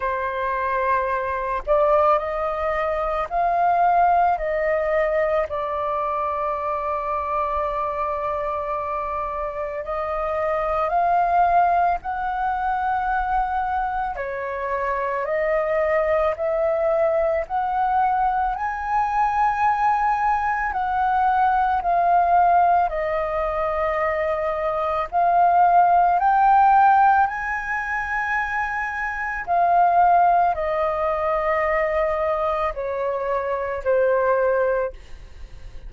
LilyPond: \new Staff \with { instrumentName = "flute" } { \time 4/4 \tempo 4 = 55 c''4. d''8 dis''4 f''4 | dis''4 d''2.~ | d''4 dis''4 f''4 fis''4~ | fis''4 cis''4 dis''4 e''4 |
fis''4 gis''2 fis''4 | f''4 dis''2 f''4 | g''4 gis''2 f''4 | dis''2 cis''4 c''4 | }